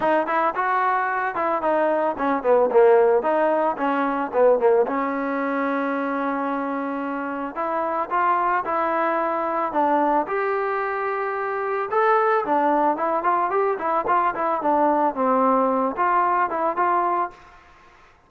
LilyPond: \new Staff \with { instrumentName = "trombone" } { \time 4/4 \tempo 4 = 111 dis'8 e'8 fis'4. e'8 dis'4 | cis'8 b8 ais4 dis'4 cis'4 | b8 ais8 cis'2.~ | cis'2 e'4 f'4 |
e'2 d'4 g'4~ | g'2 a'4 d'4 | e'8 f'8 g'8 e'8 f'8 e'8 d'4 | c'4. f'4 e'8 f'4 | }